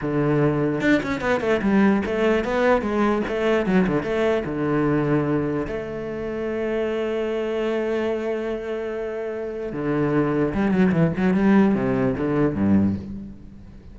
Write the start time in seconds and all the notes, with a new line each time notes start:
0.01 D3
0.80 D4
1.02 C#4
1.20 B3
1.40 A3
1.62 G3
2.05 A3
2.44 B3
2.81 G#3
3.27 A3
3.65 F#3
3.87 D3
4.02 A3
4.45 D3
5.67 A3
9.72 D3
10.54 G3
10.71 F#3
10.92 E3
11.17 F#3
11.34 G3
11.74 C3
12.17 D3
12.55 G2